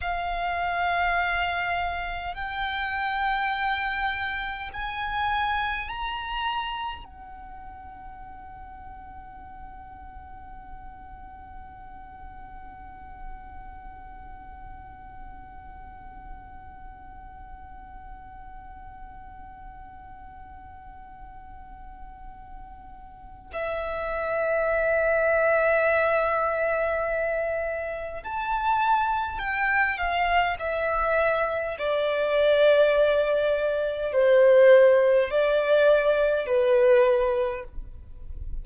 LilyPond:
\new Staff \with { instrumentName = "violin" } { \time 4/4 \tempo 4 = 51 f''2 g''2 | gis''4 ais''4 fis''2~ | fis''1~ | fis''1~ |
fis''1 | e''1 | a''4 g''8 f''8 e''4 d''4~ | d''4 c''4 d''4 b'4 | }